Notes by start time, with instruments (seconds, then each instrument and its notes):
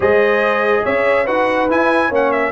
0.00 tuba G#3, trombone G#4, horn C5, trumpet D#5
0.83 tuba C#4, horn C#5, trumpet E5
1.24 tuba D#4, trombone F#4, horn B4, trumpet F#5
1.69 trombone E4, tuba E4, trumpet G#5
2.08 tuba A#3, trombone C#4, horn C#5
2.15 trumpet F#5
2.31 trumpet E5